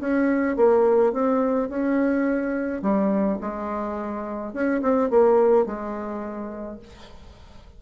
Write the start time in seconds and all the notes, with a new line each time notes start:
0.00 C#4
0.57 A#3
1.13 C4
1.69 C#4
2.82 G3
3.41 G#3
4.53 C#4
4.82 C4
5.10 A#3
5.66 G#3